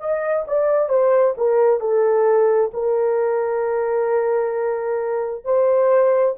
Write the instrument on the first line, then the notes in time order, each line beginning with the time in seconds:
horn
0.00 D#5
0.48 D5
0.89 C5
1.38 A#4
1.81 A4
2.74 A#4
5.45 C5